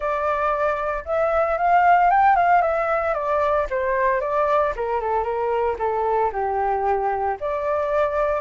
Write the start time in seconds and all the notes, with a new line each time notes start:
0.00 D5
1.05 E5
1.57 F5
2.10 G5
2.36 F5
2.61 E5
3.14 D5
3.70 C5
4.20 D5
4.76 A#4
5.00 A4
5.23 A#4
5.78 A4
6.32 G4
7.40 D5